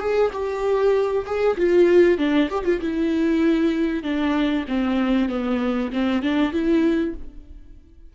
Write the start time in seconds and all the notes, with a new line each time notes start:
0.00 G#4
0.33 G4
1.26 G#4
1.57 F4
2.18 D4
2.50 G4
2.65 F4
2.81 E4
4.03 D4
4.68 C4
5.29 B3
5.93 C4
6.22 D4
6.52 E4